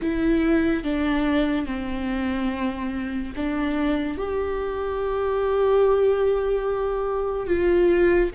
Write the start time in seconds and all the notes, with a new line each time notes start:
0.02 E4
0.83 D4
1.66 C4
3.36 D4
4.17 G4
7.47 F4